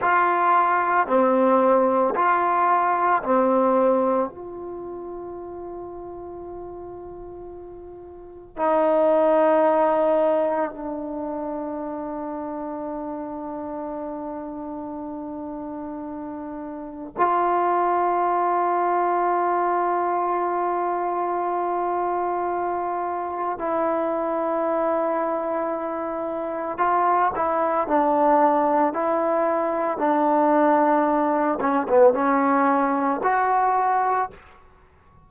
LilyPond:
\new Staff \with { instrumentName = "trombone" } { \time 4/4 \tempo 4 = 56 f'4 c'4 f'4 c'4 | f'1 | dis'2 d'2~ | d'1 |
f'1~ | f'2 e'2~ | e'4 f'8 e'8 d'4 e'4 | d'4. cis'16 b16 cis'4 fis'4 | }